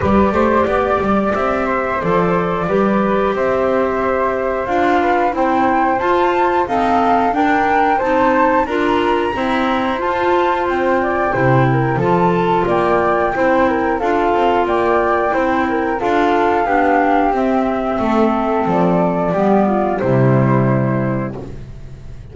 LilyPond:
<<
  \new Staff \with { instrumentName = "flute" } { \time 4/4 \tempo 4 = 90 d''2 e''4 d''4~ | d''4 e''2 f''4 | g''4 a''4 f''4 g''4 | a''4 ais''2 a''4 |
g''2 a''4 g''4~ | g''4 f''4 g''2 | f''2 e''2 | d''2 c''2 | }
  \new Staff \with { instrumentName = "flute" } { \time 4/4 b'8 c''8 d''4. c''4. | b'4 c''2~ c''8 b'8 | c''2 a'4 ais'4 | c''4 ais'4 c''2~ |
c''8 d''8 c''8 ais'8 a'4 d''4 | c''8 ais'8 a'4 d''4 c''8 ais'8 | a'4 g'2 a'4~ | a'4 g'8 f'8 e'2 | }
  \new Staff \with { instrumentName = "clarinet" } { \time 4/4 g'2. a'4 | g'2. f'4 | e'4 f'4 c'4 d'4 | dis'4 f'4 c'4 f'4~ |
f'4 e'4 f'2 | e'4 f'2 e'4 | f'4 d'4 c'2~ | c'4 b4 g2 | }
  \new Staff \with { instrumentName = "double bass" } { \time 4/4 g8 a8 b8 g8 c'4 f4 | g4 c'2 d'4 | c'4 f'4 dis'4 d'4 | c'4 d'4 e'4 f'4 |
c'4 c4 f4 ais4 | c'4 d'8 c'8 ais4 c'4 | d'4 b4 c'4 a4 | f4 g4 c2 | }
>>